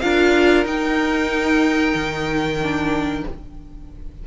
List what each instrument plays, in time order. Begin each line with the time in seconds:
0.00 cello D4, viola F4, violin A#4 F5
0.65 cello D#4, viola D#4, violin G5
1.94 cello D#3
2.63 viola D4